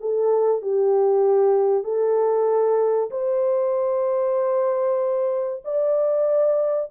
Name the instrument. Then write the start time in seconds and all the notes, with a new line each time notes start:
horn
0.00 A4
0.61 G4
1.83 A4
3.10 C5
5.64 D5